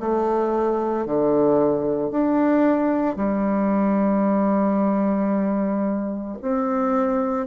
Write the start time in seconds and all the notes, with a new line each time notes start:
0.00 A3
1.06 D3
2.11 D4
3.17 G3
6.42 C4